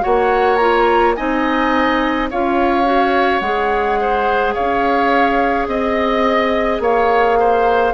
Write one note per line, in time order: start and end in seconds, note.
0.00 1.18 A#3
0.00 0.57 F#4
0.00 1.16 C#5
0.00 0.56 F#5
0.56 1.16 F4
0.56 1.12 A#5
1.14 2.31 C4
1.14 2.29 D#4
1.14 2.29 D#5
1.14 2.28 G#5
2.30 3.40 C#4
2.30 2.84 F4
2.30 4.00 C#5
2.30 3.40 F5
2.84 3.41 F#4
3.40 4.54 G#3
3.40 7.94 G#4
3.40 4.53 F#5
4.00 4.54 C5
4.54 5.67 C#4
4.54 5.67 C#5
4.54 5.67 F5
5.67 6.79 C4
5.67 6.80 D#5
5.67 6.82 D#5
6.79 7.93 A#3
6.79 7.38 C#5
6.79 7.94 F5
7.39 7.94 C5